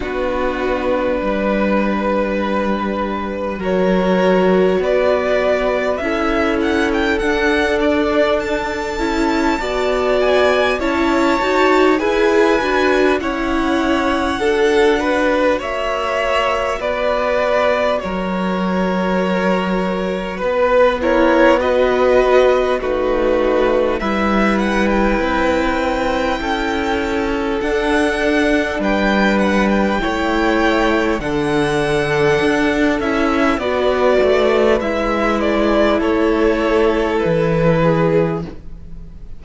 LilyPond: <<
  \new Staff \with { instrumentName = "violin" } { \time 4/4 \tempo 4 = 50 b'2. cis''4 | d''4 e''8 fis''16 g''16 fis''8 d''8 a''4~ | a''8 gis''8 a''4 gis''4 fis''4~ | fis''4 e''4 d''4 cis''4~ |
cis''4 b'8 cis''8 dis''4 b'4 | e''8 fis''16 g''2~ g''16 fis''4 | g''8 fis''16 g''4~ g''16 fis''4. e''8 | d''4 e''8 d''8 cis''4 b'4 | }
  \new Staff \with { instrumentName = "violin" } { \time 4/4 fis'4 b'2 ais'4 | b'4 a'2. | d''4 cis''4 b'4 cis''4 | a'8 b'8 cis''4 b'4 ais'4~ |
ais'4 b'8 ais'8 b'4 fis'4 | b'2 a'2 | b'4 cis''4 a'2 | b'2 a'4. gis'8 | }
  \new Staff \with { instrumentName = "viola" } { \time 4/4 d'2. fis'4~ | fis'4 e'4 d'4. e'8 | fis'4 e'8 fis'8 gis'8 fis'8 e'4 | fis'1~ |
fis'4. e'8 fis'4 dis'4 | e'2. d'4~ | d'4 e'4 d'4. e'8 | fis'4 e'2. | }
  \new Staff \with { instrumentName = "cello" } { \time 4/4 b4 g2 fis4 | b4 cis'4 d'4. cis'8 | b4 cis'8 dis'8 e'8 d'8 cis'4 | d'4 ais4 b4 fis4~ |
fis4 b2 a4 | g4 c'4 cis'4 d'4 | g4 a4 d4 d'8 cis'8 | b8 a8 gis4 a4 e4 | }
>>